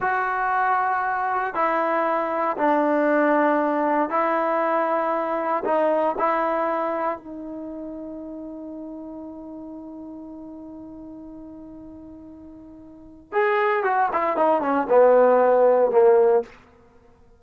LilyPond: \new Staff \with { instrumentName = "trombone" } { \time 4/4 \tempo 4 = 117 fis'2. e'4~ | e'4 d'2. | e'2. dis'4 | e'2 dis'2~ |
dis'1~ | dis'1~ | dis'2 gis'4 fis'8 e'8 | dis'8 cis'8 b2 ais4 | }